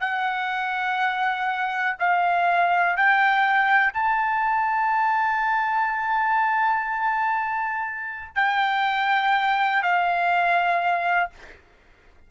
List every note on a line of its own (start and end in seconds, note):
0.00 1.97 F#5
1.99 2.96 F5
2.96 3.93 G5
3.93 8.35 A5
8.35 9.82 G5
9.82 11.30 F5